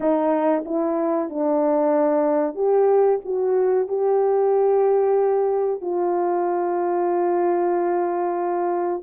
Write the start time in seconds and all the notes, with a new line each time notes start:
0.00 D#4
0.65 E4
1.29 D4
2.54 G4
3.24 F#4
3.87 G4
5.81 F4